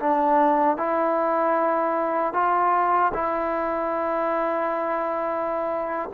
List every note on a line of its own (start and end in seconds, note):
0.00 0.77 D4
0.77 2.33 E4
2.33 3.12 F4
3.14 6.10 E4